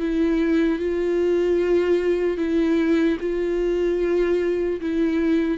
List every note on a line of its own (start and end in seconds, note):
0.00 0.79 E4
0.79 2.37 F4
2.37 3.18 E4
3.20 4.80 F4
4.81 5.58 E4